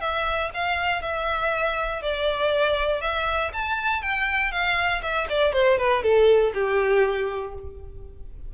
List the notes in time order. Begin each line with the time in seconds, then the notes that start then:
0.00 E5
0.54 F5
1.02 E5
2.02 D5
3.01 E5
3.53 A5
4.02 G5
4.51 F5
5.02 E5
5.29 D5
5.52 C5
5.77 B4
6.02 A4
6.53 G4